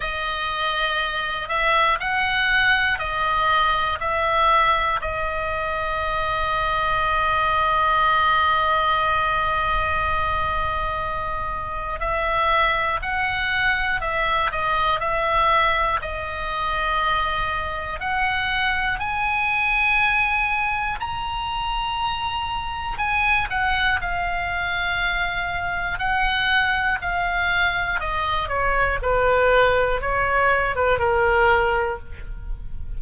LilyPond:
\new Staff \with { instrumentName = "oboe" } { \time 4/4 \tempo 4 = 60 dis''4. e''8 fis''4 dis''4 | e''4 dis''2.~ | dis''1 | e''4 fis''4 e''8 dis''8 e''4 |
dis''2 fis''4 gis''4~ | gis''4 ais''2 gis''8 fis''8 | f''2 fis''4 f''4 | dis''8 cis''8 b'4 cis''8. b'16 ais'4 | }